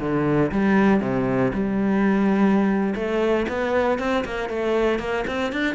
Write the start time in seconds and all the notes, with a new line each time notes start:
0.00 D3
0.52 G3
1.01 C3
1.54 G3
2.95 A3
3.49 B3
3.99 C4
4.25 A#3
4.49 A3
5.00 A#3
5.28 C4
5.53 D4